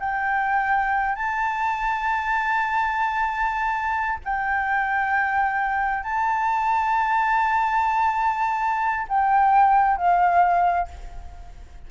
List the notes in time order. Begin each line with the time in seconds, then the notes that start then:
0.00 G5
1.16 A5
4.25 G5
6.04 A5
9.09 G5
9.97 F5